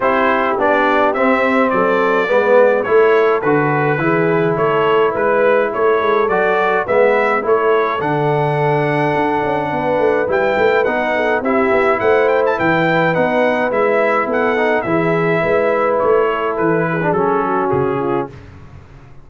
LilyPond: <<
  \new Staff \with { instrumentName = "trumpet" } { \time 4/4 \tempo 4 = 105 c''4 d''4 e''4 d''4~ | d''4 cis''4 b'2 | cis''4 b'4 cis''4 d''4 | e''4 cis''4 fis''2~ |
fis''2 g''4 fis''4 | e''4 fis''8 g''16 a''16 g''4 fis''4 | e''4 fis''4 e''2 | cis''4 b'4 a'4 gis'4 | }
  \new Staff \with { instrumentName = "horn" } { \time 4/4 g'2. a'4 | b'4 a'2 gis'4 | a'4 b'4 a'2 | b'4 a'2.~ |
a'4 b'2~ b'8 a'8 | g'4 c''4 b'2~ | b'4 a'4 gis'4 b'4~ | b'8 a'4 gis'4 fis'4 f'8 | }
  \new Staff \with { instrumentName = "trombone" } { \time 4/4 e'4 d'4 c'2 | b4 e'4 fis'4 e'4~ | e'2. fis'4 | b4 e'4 d'2~ |
d'2 e'4 dis'4 | e'2. dis'4 | e'4. dis'8 e'2~ | e'4.~ e'16 d'16 cis'2 | }
  \new Staff \with { instrumentName = "tuba" } { \time 4/4 c'4 b4 c'4 fis4 | gis4 a4 d4 e4 | a4 gis4 a8 gis8 fis4 | gis4 a4 d2 |
d'8 cis'8 b8 a8 g8 a8 b4 | c'8 b8 a4 e4 b4 | gis4 b4 e4 gis4 | a4 e4 fis4 cis4 | }
>>